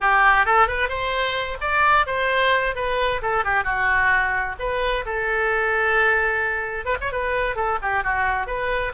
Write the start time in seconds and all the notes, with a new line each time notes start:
0.00 G4
0.45 A4
0.67 B4
0.88 C5
1.60 D5
2.06 C5
2.75 B4
3.22 A4
3.44 G4
3.64 F#4
4.59 B4
5.05 A4
6.85 B4
7.00 C#5
7.12 B4
7.55 A4
7.82 G4
8.03 F#4
8.46 B4